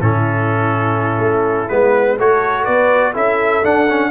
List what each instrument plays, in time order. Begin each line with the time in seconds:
0.00 tuba A2, trombone C#4, horn E4, trumpet A4
1.19 tuba A3
1.69 tuba G#3, trombone B3, trumpet B4
2.18 tuba A3, trombone F#4, horn A4, trumpet C#5
2.64 tuba B3, horn B4, trumpet D5
3.14 tuba C#4, trombone E4, horn A4, trumpet E5
3.63 trombone D4, tuba D4, trumpet F#5
3.90 trombone C#4